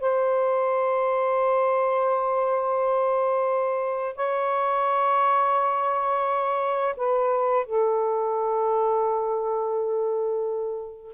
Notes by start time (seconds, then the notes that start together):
0.00 C5
4.15 C#5
6.96 B4
7.65 A4